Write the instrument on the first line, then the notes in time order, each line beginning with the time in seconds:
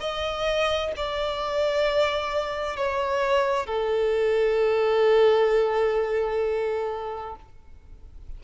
violin
0.00 D#5
0.97 D5
2.77 C#5
3.67 A4